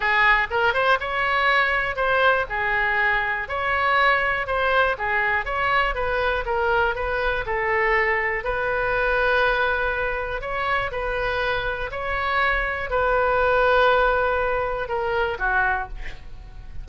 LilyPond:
\new Staff \with { instrumentName = "oboe" } { \time 4/4 \tempo 4 = 121 gis'4 ais'8 c''8 cis''2 | c''4 gis'2 cis''4~ | cis''4 c''4 gis'4 cis''4 | b'4 ais'4 b'4 a'4~ |
a'4 b'2.~ | b'4 cis''4 b'2 | cis''2 b'2~ | b'2 ais'4 fis'4 | }